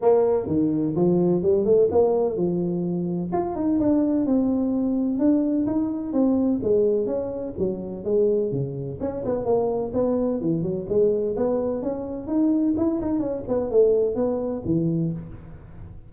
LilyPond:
\new Staff \with { instrumentName = "tuba" } { \time 4/4 \tempo 4 = 127 ais4 dis4 f4 g8 a8 | ais4 f2 f'8 dis'8 | d'4 c'2 d'4 | dis'4 c'4 gis4 cis'4 |
fis4 gis4 cis4 cis'8 b8 | ais4 b4 e8 fis8 gis4 | b4 cis'4 dis'4 e'8 dis'8 | cis'8 b8 a4 b4 e4 | }